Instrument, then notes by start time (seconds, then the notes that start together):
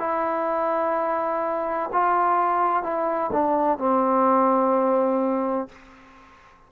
trombone
0.00 E4
1.93 F4
2.83 E4
3.33 D4
3.78 C4